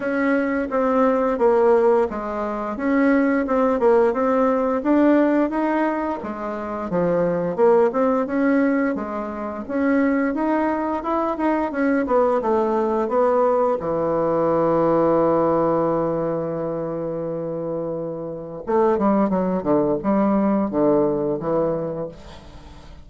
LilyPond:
\new Staff \with { instrumentName = "bassoon" } { \time 4/4 \tempo 4 = 87 cis'4 c'4 ais4 gis4 | cis'4 c'8 ais8 c'4 d'4 | dis'4 gis4 f4 ais8 c'8 | cis'4 gis4 cis'4 dis'4 |
e'8 dis'8 cis'8 b8 a4 b4 | e1~ | e2. a8 g8 | fis8 d8 g4 d4 e4 | }